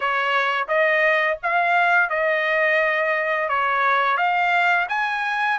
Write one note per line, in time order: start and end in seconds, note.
0.00 0.67 C#5
0.68 1.37 D#5
1.42 2.09 F5
2.09 3.49 D#5
3.49 4.17 C#5
4.17 4.86 F5
4.88 5.58 G#5